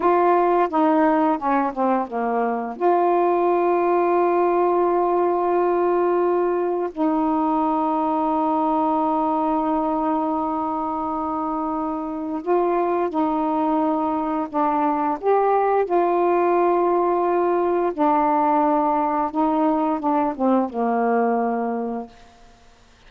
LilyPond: \new Staff \with { instrumentName = "saxophone" } { \time 4/4 \tempo 4 = 87 f'4 dis'4 cis'8 c'8 ais4 | f'1~ | f'2 dis'2~ | dis'1~ |
dis'2 f'4 dis'4~ | dis'4 d'4 g'4 f'4~ | f'2 d'2 | dis'4 d'8 c'8 ais2 | }